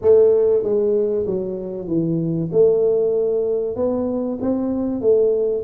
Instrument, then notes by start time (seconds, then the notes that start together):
tuba
0.01 A3
0.63 G#3
1.26 F#3
1.87 E3
2.52 A3
3.76 B3
4.41 C4
5.01 A3